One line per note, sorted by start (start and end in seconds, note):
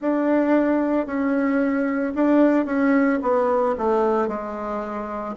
0.01 1.06 D4
1.06 2.13 C#4
2.14 2.65 D4
2.65 3.19 C#4
3.21 3.75 B3
3.77 4.28 A3
4.28 5.35 G#3